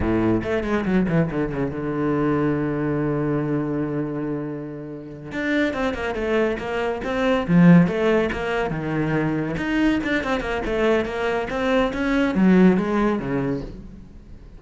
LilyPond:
\new Staff \with { instrumentName = "cello" } { \time 4/4 \tempo 4 = 141 a,4 a8 gis8 fis8 e8 d8 cis8 | d1~ | d1~ | d8 d'4 c'8 ais8 a4 ais8~ |
ais8 c'4 f4 a4 ais8~ | ais8 dis2 dis'4 d'8 | c'8 ais8 a4 ais4 c'4 | cis'4 fis4 gis4 cis4 | }